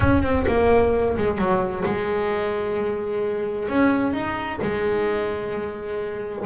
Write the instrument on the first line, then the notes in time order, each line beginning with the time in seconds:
double bass
0.00 C#4
0.22 C4
0.47 A#3
1.17 G#3
1.37 F#3
1.85 G#3
3.69 C#4
4.13 D#4
4.61 G#3